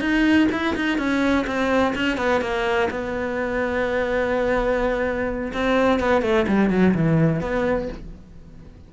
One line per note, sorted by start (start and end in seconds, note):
0.00 0.48 D#4
0.51 0.75 E4
0.75 0.98 D#4
0.98 1.45 C#4
1.47 1.94 C4
1.95 2.17 C#4
2.17 2.41 B3
2.41 2.89 A#3
2.90 5.52 B3
5.53 5.99 C4
5.99 6.22 B3
6.22 6.46 A3
6.47 6.70 G3
6.70 6.94 F#3
6.94 7.40 E3
7.40 7.88 B3